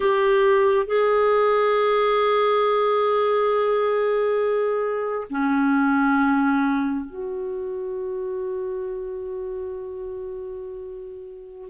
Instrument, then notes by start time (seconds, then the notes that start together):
clarinet
0.00 G4
0.86 G#4
5.29 C#4
7.05 F#4